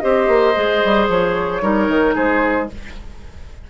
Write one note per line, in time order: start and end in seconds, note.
0.00 0.28 C4
0.00 0.54 G4
0.00 1.62 C5
0.00 1.06 D#5
0.28 0.54 A#3
0.54 0.83 G#3
0.54 1.61 G#4
0.84 1.08 G3
1.08 1.62 F3
1.08 2.16 C#5
1.61 1.88 G3
1.61 2.68 D#4
1.61 2.15 A#4
1.88 2.15 D#3
2.15 2.70 G#3
2.15 2.68 G#4
2.15 2.69 C5